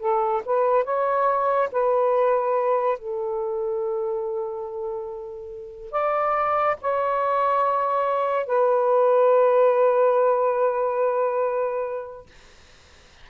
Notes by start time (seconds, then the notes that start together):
0.00 A4
0.45 B4
0.85 C#5
1.72 B4
2.98 A4
5.92 D5
6.81 C#5
8.46 B4